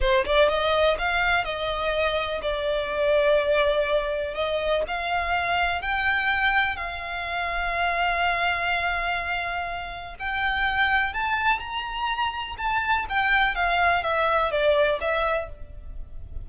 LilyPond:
\new Staff \with { instrumentName = "violin" } { \time 4/4 \tempo 4 = 124 c''8 d''8 dis''4 f''4 dis''4~ | dis''4 d''2.~ | d''4 dis''4 f''2 | g''2 f''2~ |
f''1~ | f''4 g''2 a''4 | ais''2 a''4 g''4 | f''4 e''4 d''4 e''4 | }